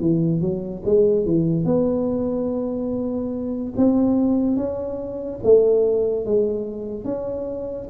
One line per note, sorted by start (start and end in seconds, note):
0.00 0.41 E3
0.41 0.83 F#3
0.85 1.25 G#3
1.25 1.65 E3
1.65 3.73 B3
3.77 4.56 C4
4.56 5.40 C#4
5.44 6.25 A3
6.25 7.05 G#3
7.05 7.88 C#4